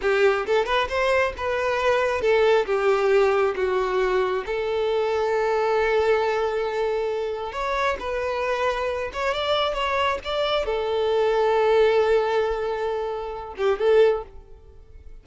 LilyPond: \new Staff \with { instrumentName = "violin" } { \time 4/4 \tempo 4 = 135 g'4 a'8 b'8 c''4 b'4~ | b'4 a'4 g'2 | fis'2 a'2~ | a'1~ |
a'4 cis''4 b'2~ | b'8 cis''8 d''4 cis''4 d''4 | a'1~ | a'2~ a'8 g'8 a'4 | }